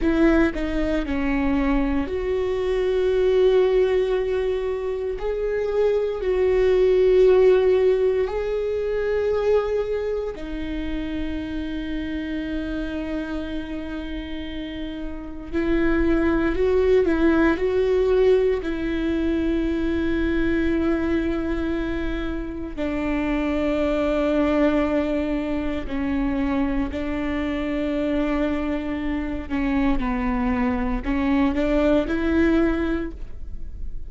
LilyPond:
\new Staff \with { instrumentName = "viola" } { \time 4/4 \tempo 4 = 58 e'8 dis'8 cis'4 fis'2~ | fis'4 gis'4 fis'2 | gis'2 dis'2~ | dis'2. e'4 |
fis'8 e'8 fis'4 e'2~ | e'2 d'2~ | d'4 cis'4 d'2~ | d'8 cis'8 b4 cis'8 d'8 e'4 | }